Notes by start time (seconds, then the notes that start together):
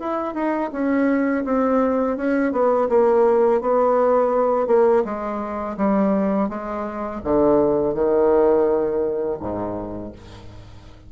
0.00 E4
0.35 D#4
0.73 C#4
1.45 C4
2.17 C#4
2.53 B3
2.89 A#3
3.61 B3
4.68 A#3
5.05 G#3
5.77 G3
6.49 G#3
7.24 D3
7.95 D#3
9.40 G#2